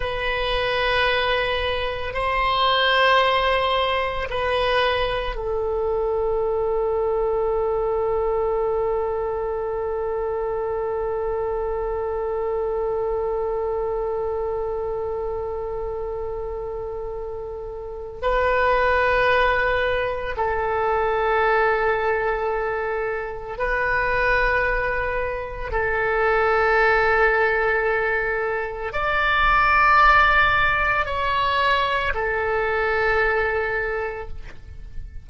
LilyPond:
\new Staff \with { instrumentName = "oboe" } { \time 4/4 \tempo 4 = 56 b'2 c''2 | b'4 a'2.~ | a'1~ | a'1~ |
a'4 b'2 a'4~ | a'2 b'2 | a'2. d''4~ | d''4 cis''4 a'2 | }